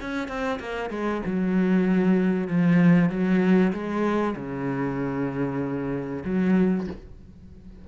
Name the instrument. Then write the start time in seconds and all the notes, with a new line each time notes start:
cello
0.00 C#4
0.28 C4
0.59 A#3
0.90 G#3
1.25 F#3
2.47 F3
3.09 F#3
3.72 G#3
4.36 C#3
6.24 F#3